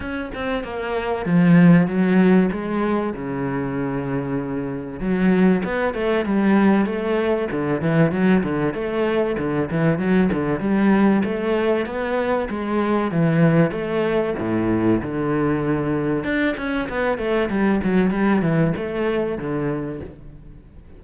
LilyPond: \new Staff \with { instrumentName = "cello" } { \time 4/4 \tempo 4 = 96 cis'8 c'8 ais4 f4 fis4 | gis4 cis2. | fis4 b8 a8 g4 a4 | d8 e8 fis8 d8 a4 d8 e8 |
fis8 d8 g4 a4 b4 | gis4 e4 a4 a,4 | d2 d'8 cis'8 b8 a8 | g8 fis8 g8 e8 a4 d4 | }